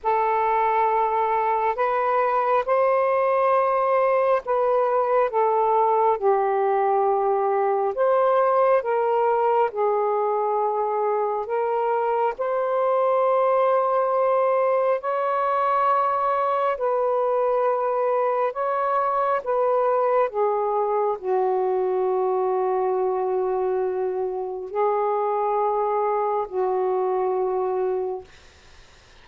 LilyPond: \new Staff \with { instrumentName = "saxophone" } { \time 4/4 \tempo 4 = 68 a'2 b'4 c''4~ | c''4 b'4 a'4 g'4~ | g'4 c''4 ais'4 gis'4~ | gis'4 ais'4 c''2~ |
c''4 cis''2 b'4~ | b'4 cis''4 b'4 gis'4 | fis'1 | gis'2 fis'2 | }